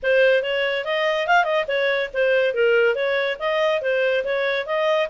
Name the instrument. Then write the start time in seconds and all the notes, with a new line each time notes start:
clarinet
0.02 C5
0.42 C#5
0.85 D#5
1.27 F5
1.44 D#5
1.67 C#5
2.13 C5
2.54 A#4
2.95 C#5
3.39 D#5
3.81 C5
4.24 C#5
4.66 D#5